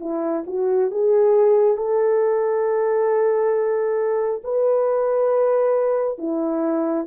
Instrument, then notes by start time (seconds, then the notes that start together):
horn
0.00 E4
0.47 F#4
0.91 G#4
1.77 A4
4.44 B4
6.18 E4